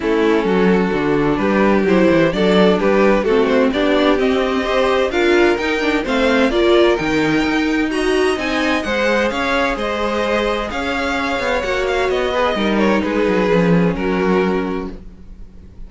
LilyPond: <<
  \new Staff \with { instrumentName = "violin" } { \time 4/4 \tempo 4 = 129 a'2. b'4 | c''4 d''4 b'4 a'8 c''8 | d''4 dis''2 f''4 | g''4 f''4 d''4 g''4~ |
g''4 ais''4 gis''4 fis''4 | f''4 dis''2 f''4~ | f''4 fis''8 f''8 dis''4. cis''8 | b'2 ais'2 | }
  \new Staff \with { instrumentName = "violin" } { \time 4/4 e'4 fis'2 g'4~ | g'4 a'4 g'4 fis'4 | g'2 c''4 ais'4~ | ais'4 c''4 ais'2~ |
ais'4 dis''2 c''4 | cis''4 c''2 cis''4~ | cis''2~ cis''8 b'8 ais'4 | gis'2 fis'2 | }
  \new Staff \with { instrumentName = "viola" } { \time 4/4 cis'2 d'2 | e'4 d'2 c'4 | d'4 c'4 g'4 f'4 | dis'8 d'8 c'4 f'4 dis'4~ |
dis'4 fis'4 dis'4 gis'4~ | gis'1~ | gis'4 fis'4. gis'8 dis'4~ | dis'4 cis'2. | }
  \new Staff \with { instrumentName = "cello" } { \time 4/4 a4 fis4 d4 g4 | fis8 e8 fis4 g4 a4 | b4 c'2 d'4 | dis'4 a4 ais4 dis4 |
dis'2 c'4 gis4 | cis'4 gis2 cis'4~ | cis'8 b8 ais4 b4 g4 | gis8 fis8 f4 fis2 | }
>>